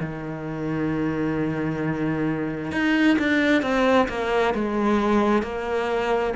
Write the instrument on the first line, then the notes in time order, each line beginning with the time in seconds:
cello
0.00 D#3
2.71 D#4
3.18 D4
3.62 C4
4.08 A#3
4.54 G#3
5.42 A#3